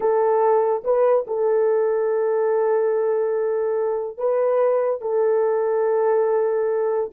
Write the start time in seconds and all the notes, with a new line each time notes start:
0.00 A4
0.84 B4
1.27 A4
4.17 B4
5.01 A4